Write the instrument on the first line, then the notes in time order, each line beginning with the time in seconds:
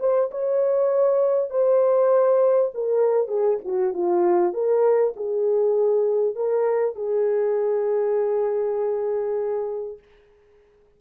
horn
0.00 C5
0.31 C#5
1.50 C5
2.74 A#4
3.28 G#4
3.64 F#4
3.94 F4
4.53 A#4
5.16 G#4
6.35 A#4
6.96 G#4